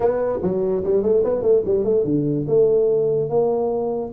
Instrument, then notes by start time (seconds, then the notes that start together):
tuba
0.00 B3
0.42 F#3
0.83 G3
1.02 A3
1.24 B3
1.42 A3
1.65 G3
1.84 A3
2.04 D3
2.47 A3
3.29 A#3